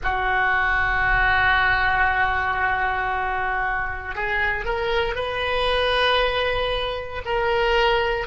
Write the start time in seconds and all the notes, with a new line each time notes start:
0.03 F#4
4.15 G#4
4.65 A#4
5.15 B4
7.25 A#4